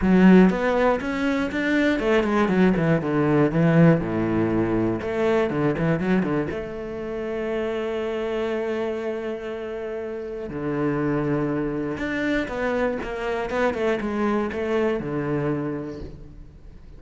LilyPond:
\new Staff \with { instrumentName = "cello" } { \time 4/4 \tempo 4 = 120 fis4 b4 cis'4 d'4 | a8 gis8 fis8 e8 d4 e4 | a,2 a4 d8 e8 | fis8 d8 a2.~ |
a1~ | a4 d2. | d'4 b4 ais4 b8 a8 | gis4 a4 d2 | }